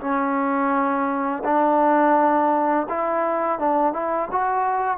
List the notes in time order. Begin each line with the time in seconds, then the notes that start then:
0.00 C#4
1.44 D4
2.89 E4
3.59 D4
3.93 E4
4.31 F#4